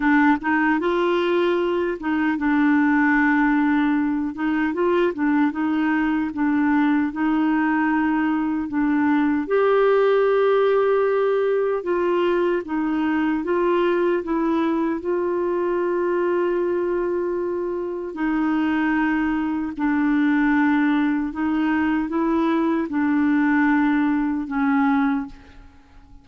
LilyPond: \new Staff \with { instrumentName = "clarinet" } { \time 4/4 \tempo 4 = 76 d'8 dis'8 f'4. dis'8 d'4~ | d'4. dis'8 f'8 d'8 dis'4 | d'4 dis'2 d'4 | g'2. f'4 |
dis'4 f'4 e'4 f'4~ | f'2. dis'4~ | dis'4 d'2 dis'4 | e'4 d'2 cis'4 | }